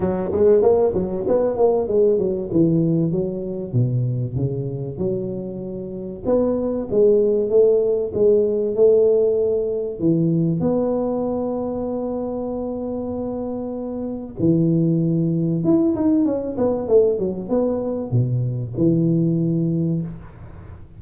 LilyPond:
\new Staff \with { instrumentName = "tuba" } { \time 4/4 \tempo 4 = 96 fis8 gis8 ais8 fis8 b8 ais8 gis8 fis8 | e4 fis4 b,4 cis4 | fis2 b4 gis4 | a4 gis4 a2 |
e4 b2.~ | b2. e4~ | e4 e'8 dis'8 cis'8 b8 a8 fis8 | b4 b,4 e2 | }